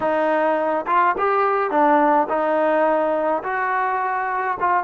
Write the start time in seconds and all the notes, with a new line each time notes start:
0.00 D#4
0.86 F4
1.18 G4
1.70 D4
2.28 D#4
3.43 F#4
4.60 F4